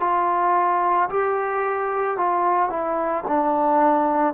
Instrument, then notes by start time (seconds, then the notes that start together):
trombone
0.00 F4
1.10 G4
2.17 F4
2.69 E4
3.28 D4